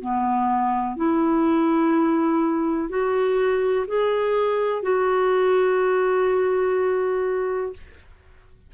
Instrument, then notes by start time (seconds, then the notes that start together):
clarinet
0.00 B3
0.96 E4
2.89 F#4
3.87 G#4
4.82 F#4